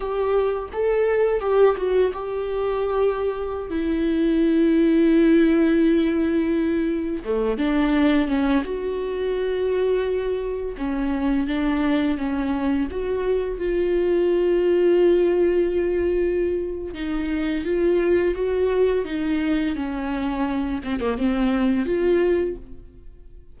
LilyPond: \new Staff \with { instrumentName = "viola" } { \time 4/4 \tempo 4 = 85 g'4 a'4 g'8 fis'8 g'4~ | g'4~ g'16 e'2~ e'8.~ | e'2~ e'16 a8 d'4 cis'16~ | cis'16 fis'2. cis'8.~ |
cis'16 d'4 cis'4 fis'4 f'8.~ | f'1 | dis'4 f'4 fis'4 dis'4 | cis'4. c'16 ais16 c'4 f'4 | }